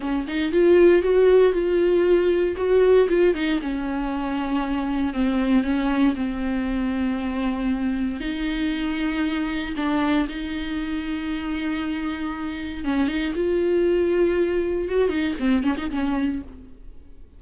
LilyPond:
\new Staff \with { instrumentName = "viola" } { \time 4/4 \tempo 4 = 117 cis'8 dis'8 f'4 fis'4 f'4~ | f'4 fis'4 f'8 dis'8 cis'4~ | cis'2 c'4 cis'4 | c'1 |
dis'2. d'4 | dis'1~ | dis'4 cis'8 dis'8 f'2~ | f'4 fis'8 dis'8 c'8 cis'16 dis'16 cis'4 | }